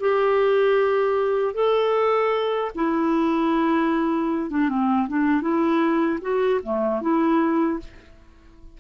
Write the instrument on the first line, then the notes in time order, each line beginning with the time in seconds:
clarinet
0.00 G4
1.54 A4
2.75 E4
4.50 D4
4.69 C4
5.08 D4
5.41 E4
6.21 F#4
6.63 A3
7.01 E4